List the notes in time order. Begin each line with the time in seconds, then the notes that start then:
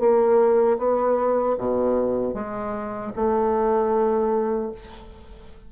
0.00 A#3
0.78 B3
1.58 B2
2.34 G#3
3.16 A3